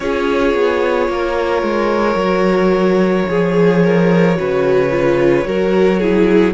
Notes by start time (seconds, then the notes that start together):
0.00 C#4 F4 G#4 C#5
0.54 B3
1.08 A#3 A#4
1.62 G#3
2.15 F#3 F#4
3.28 F3 G#4
3.83 A#4
4.35 C#3 F#4 B4
4.90 F4
5.45 F#3 F#4 A#4
5.99 E4 G#4